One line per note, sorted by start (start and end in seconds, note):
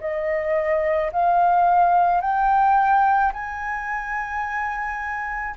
0.00 1.11 D#5
1.12 2.21 F5
2.21 3.32 G5
3.33 5.55 G#5